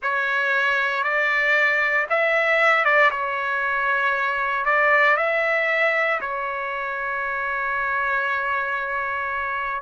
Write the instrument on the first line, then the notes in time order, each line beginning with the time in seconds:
trumpet
0.02 C#5
1.03 D5
2.09 E5
2.84 D5
3.10 C#5
4.65 D5
5.16 E5
6.21 C#5